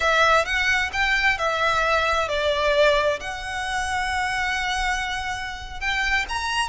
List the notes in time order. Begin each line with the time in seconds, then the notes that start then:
0.00 E5
0.45 F#5
0.92 G5
1.38 E5
2.28 D5
3.19 F#5
5.80 G5
6.28 A#5